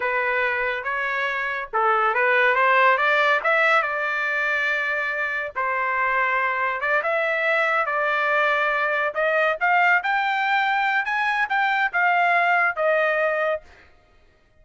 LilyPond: \new Staff \with { instrumentName = "trumpet" } { \time 4/4 \tempo 4 = 141 b'2 cis''2 | a'4 b'4 c''4 d''4 | e''4 d''2.~ | d''4 c''2. |
d''8 e''2 d''4.~ | d''4. dis''4 f''4 g''8~ | g''2 gis''4 g''4 | f''2 dis''2 | }